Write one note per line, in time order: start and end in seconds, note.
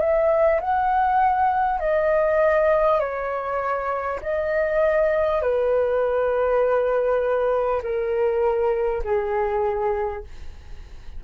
0.00 0.60 E5
0.60 1.79 F#5
1.79 2.99 D#5
2.99 4.19 C#5
4.22 5.42 D#5
5.42 7.82 B4
7.82 9.02 A#4
9.03 10.23 G#4